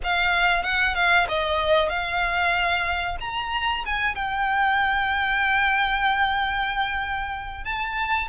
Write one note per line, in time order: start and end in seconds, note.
0.03 0.63 F5
0.63 0.94 F#5
0.94 1.26 F5
1.28 1.89 D#5
1.89 3.17 F5
3.20 3.84 A#5
3.85 4.15 G#5
4.15 7.64 G5
7.64 8.28 A5